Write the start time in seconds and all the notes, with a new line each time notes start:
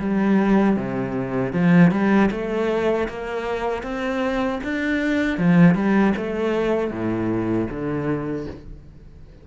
0.00 G3
0.77 C3
1.53 F3
1.91 G3
2.31 A3
3.08 A#3
3.83 C4
4.64 D4
5.38 F3
5.75 G3
6.17 A3
6.91 A2
7.70 D3